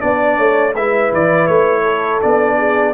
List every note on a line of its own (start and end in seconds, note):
0.00 0.39 B3
0.00 0.73 D4
0.00 0.74 D5
0.00 0.38 D5
0.38 0.75 A3
0.38 0.75 C#5
0.75 1.12 G#3
0.75 2.22 E4
0.75 1.82 B4
0.75 1.13 E5
1.13 1.48 E3
1.13 1.47 D5
1.47 2.21 A3
1.47 2.20 C#5
1.82 2.55 A4
2.22 2.95 B3
2.22 2.95 D4
2.22 2.95 D5
2.58 2.94 G#4